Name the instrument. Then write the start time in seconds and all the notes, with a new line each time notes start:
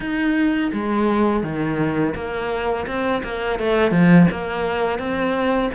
cello
0.00 D#4
0.72 G#3
1.43 D#3
2.15 A#3
2.86 C4
3.23 A#3
3.59 A3
3.91 F3
4.31 A#3
4.98 C4